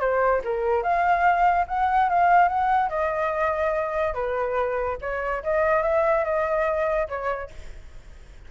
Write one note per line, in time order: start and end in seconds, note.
0.00 0.42 C5
0.45 0.83 A#4
0.83 1.66 F5
1.68 2.09 F#5
2.09 2.49 F5
2.49 2.89 F#5
2.89 4.14 D#5
4.14 4.98 B4
5.01 5.43 C#5
5.44 5.83 D#5
5.83 6.24 E5
6.24 7.08 D#5
7.09 7.50 C#5